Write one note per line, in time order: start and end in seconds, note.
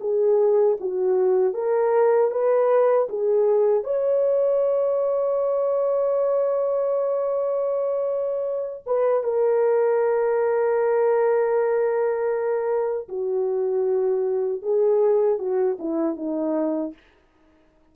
0.00 0.77 G#4
0.80 1.54 F#4
1.54 2.31 A#4
2.31 3.08 B4
3.09 3.83 G#4
3.83 8.83 C#5
8.86 9.23 B4
9.23 13.08 A#4
13.08 14.62 F#4
14.62 15.38 G#4
15.38 15.77 F#4
15.79 16.16 E4
16.16 16.93 D#4